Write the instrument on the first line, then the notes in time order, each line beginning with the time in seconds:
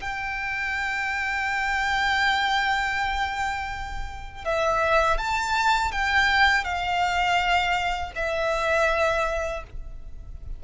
violin
0.00 G5
4.44 E5
5.18 A5
5.92 G5
6.64 F5
8.15 E5